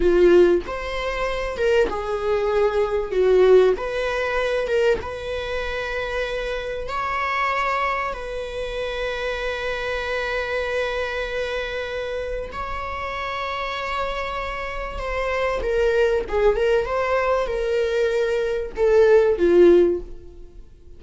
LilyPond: \new Staff \with { instrumentName = "viola" } { \time 4/4 \tempo 4 = 96 f'4 c''4. ais'8 gis'4~ | gis'4 fis'4 b'4. ais'8 | b'2. cis''4~ | cis''4 b'2.~ |
b'1 | cis''1 | c''4 ais'4 gis'8 ais'8 c''4 | ais'2 a'4 f'4 | }